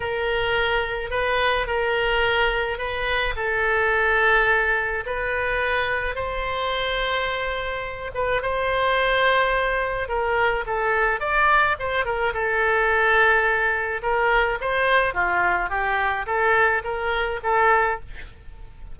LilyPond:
\new Staff \with { instrumentName = "oboe" } { \time 4/4 \tempo 4 = 107 ais'2 b'4 ais'4~ | ais'4 b'4 a'2~ | a'4 b'2 c''4~ | c''2~ c''8 b'8 c''4~ |
c''2 ais'4 a'4 | d''4 c''8 ais'8 a'2~ | a'4 ais'4 c''4 f'4 | g'4 a'4 ais'4 a'4 | }